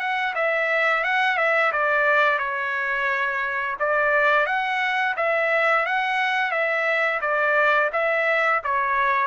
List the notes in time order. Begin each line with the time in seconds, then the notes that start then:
0.00 F#5
0.35 E5
1.04 F#5
1.38 E5
1.73 D5
2.39 C#5
3.80 D5
4.46 F#5
5.17 E5
5.86 F#5
6.52 E5
7.22 D5
7.93 E5
8.64 C#5